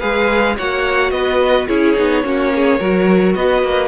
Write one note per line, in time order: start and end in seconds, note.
0.00 0.58 G#3
0.00 0.56 G#4
0.00 0.56 B4
0.00 0.56 F5
0.56 1.11 A#3
0.56 1.68 F#4
0.56 1.12 C#5
0.56 1.11 F#5
1.11 1.67 B3
1.11 1.67 B4
1.11 1.66 D#5
1.67 1.97 C#4
1.67 1.96 E4
1.67 2.23 G#4
1.67 3.33 C#5
1.96 2.24 B3
1.96 2.23 D#4
2.23 2.80 A#3
2.23 2.79 C#4
2.23 2.53 F#4
2.54 2.79 G#4
2.79 3.35 F#3
2.79 3.87 F#4
2.79 3.35 A#4
3.35 3.62 B3
3.35 3.87 B4
3.35 3.87 D#5
3.63 3.87 A#3